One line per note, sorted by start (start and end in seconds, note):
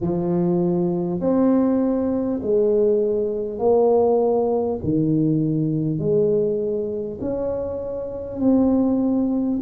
0.01 1.20 F3
1.20 2.40 C4
2.42 3.58 G#3
3.58 4.78 A#3
4.83 5.98 D#3
5.98 7.18 G#3
7.20 8.39 C#4
8.39 9.59 C4